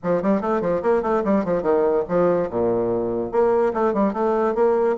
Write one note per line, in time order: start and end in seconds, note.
0.03 0.22 F3
0.22 0.41 G3
0.41 0.61 A3
0.61 0.81 F3
0.82 1.02 A#3
1.02 1.23 A3
1.24 1.44 G3
1.44 1.62 F3
1.62 2.04 D#3
2.08 2.49 F3
2.49 3.31 A#2
3.31 3.73 A#3
3.73 3.93 A3
3.93 4.13 G3
4.13 4.54 A3
4.54 4.96 A#3